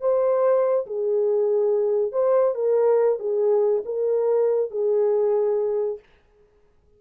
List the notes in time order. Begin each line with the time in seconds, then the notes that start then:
0.00 C5
0.86 G#4
2.12 C5
2.55 A#4
3.19 G#4
3.85 A#4
4.71 G#4